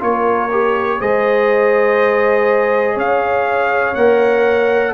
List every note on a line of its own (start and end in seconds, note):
0.00 1.00 A#3
0.00 0.49 F4
0.00 1.00 A#4
0.00 1.01 C#5
0.51 1.00 G4
1.00 2.97 G#3
1.00 3.95 G#4
1.00 2.95 C5
1.00 2.98 D#5
2.95 3.95 C#4
2.95 4.92 C#5
2.95 3.95 F5
3.95 4.94 A#3
3.95 4.94 A#4
3.95 4.93 F#5